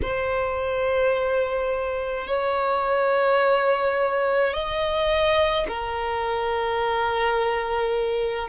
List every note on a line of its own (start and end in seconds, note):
0.02 2.27 C5
2.27 4.53 C#5
4.53 5.67 D#5
5.68 8.48 A#4